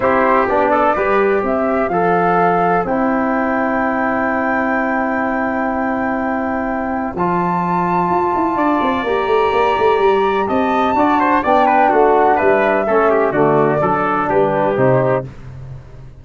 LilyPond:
<<
  \new Staff \with { instrumentName = "flute" } { \time 4/4 \tempo 4 = 126 c''4 d''2 e''4 | f''2 g''2~ | g''1~ | g''2. a''4~ |
a''2. ais''4~ | ais''2 a''2 | g''4 fis''4 e''2 | d''2 b'4 c''4 | }
  \new Staff \with { instrumentName = "trumpet" } { \time 4/4 g'4. a'8 b'4 c''4~ | c''1~ | c''1~ | c''1~ |
c''2 d''2~ | d''2 dis''4 d''8 c''8 | d''8 b'8 fis'4 b'4 a'8 g'8 | fis'4 a'4 g'2 | }
  \new Staff \with { instrumentName = "trombone" } { \time 4/4 e'4 d'4 g'2 | a'2 e'2~ | e'1~ | e'2. f'4~ |
f'2. g'4~ | g'2. fis'4 | d'2. cis'4 | a4 d'2 dis'4 | }
  \new Staff \with { instrumentName = "tuba" } { \time 4/4 c'4 b4 g4 c'4 | f2 c'2~ | c'1~ | c'2. f4~ |
f4 f'8 e'8 d'8 c'8 ais8 a8 | ais8 a8 g4 c'4 d'4 | b4 a4 g4 a4 | d4 fis4 g4 c4 | }
>>